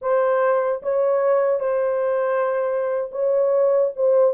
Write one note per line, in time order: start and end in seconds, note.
0.01 0.82 C5
0.82 1.59 C#5
1.59 3.10 C5
3.11 3.92 C#5
3.96 4.34 C5